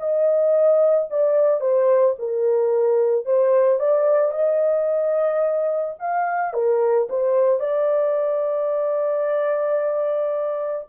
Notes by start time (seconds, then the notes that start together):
0.00 D#5
1.11 D5
1.61 C5
2.19 A#4
3.26 C5
3.80 D5
4.31 D#5
6.00 F5
6.54 A#4
7.10 C5
7.60 D5